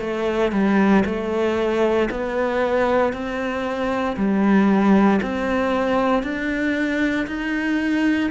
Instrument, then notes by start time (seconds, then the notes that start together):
cello
0.00 A3
0.52 G3
1.05 A3
2.11 B3
3.13 C4
4.17 G3
5.22 C4
6.23 D4
7.27 D#4